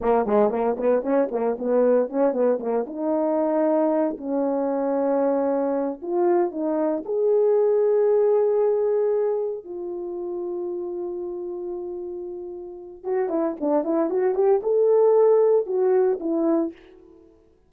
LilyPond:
\new Staff \with { instrumentName = "horn" } { \time 4/4 \tempo 4 = 115 ais8 gis8 ais8 b8 cis'8 ais8 b4 | cis'8 b8 ais8 dis'2~ dis'8 | cis'2.~ cis'8 f'8~ | f'8 dis'4 gis'2~ gis'8~ |
gis'2~ gis'8 f'4.~ | f'1~ | f'4 fis'8 e'8 d'8 e'8 fis'8 g'8 | a'2 fis'4 e'4 | }